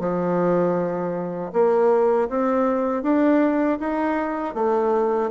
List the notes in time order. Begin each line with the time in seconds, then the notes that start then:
0.00 F3
1.53 A#3
2.30 C4
3.03 D4
3.80 D#4
4.55 A3